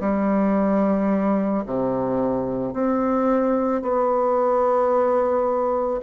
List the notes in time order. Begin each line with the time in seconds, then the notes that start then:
0.00 G3
1.66 C3
2.73 C4
3.82 B3